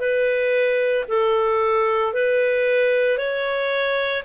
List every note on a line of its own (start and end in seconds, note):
0.00 1.05 B4
1.09 2.14 A4
2.14 3.18 B4
3.18 4.23 C#5